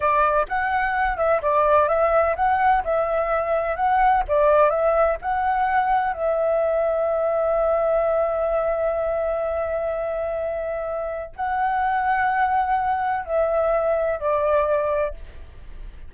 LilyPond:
\new Staff \with { instrumentName = "flute" } { \time 4/4 \tempo 4 = 127 d''4 fis''4. e''8 d''4 | e''4 fis''4 e''2 | fis''4 d''4 e''4 fis''4~ | fis''4 e''2.~ |
e''1~ | e''1 | fis''1 | e''2 d''2 | }